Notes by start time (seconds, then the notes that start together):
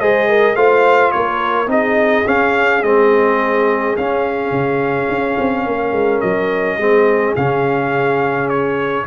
0.00 G#3 G#4 C5 D#5
0.29 A#4
0.55 A3 F4 C5 F5
1.12 A#3 A#4 C#5
1.67 C4 D#4 G#4 D#5
2.27 C#4 F5
2.83 G#3 C4 D#5
3.97 C#4 F5
4.51 C#3
5.09 C#4
5.39 C4
5.66 A#3 A#4
5.92 G#3
6.21 F#3 D#5
6.78 G#3 C4 G#4
7.36 C#3 C#4 F5
8.49 C#5